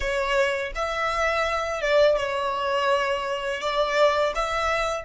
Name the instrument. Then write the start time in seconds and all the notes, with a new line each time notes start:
violin
0.00 C#5
0.75 E5
1.81 D5
2.17 C#5
3.60 D5
4.35 E5